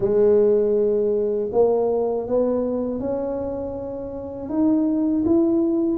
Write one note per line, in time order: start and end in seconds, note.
0.00 1.50 G#3
1.52 2.27 A#3
2.27 3.00 B3
3.00 4.49 C#4
4.49 5.24 D#4
5.25 5.98 E4